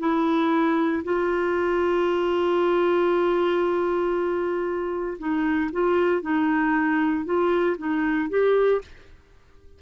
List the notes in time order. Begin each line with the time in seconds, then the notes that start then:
0.00 E4
1.04 F4
5.19 D#4
5.73 F4
6.22 D#4
7.25 F4
7.78 D#4
8.30 G4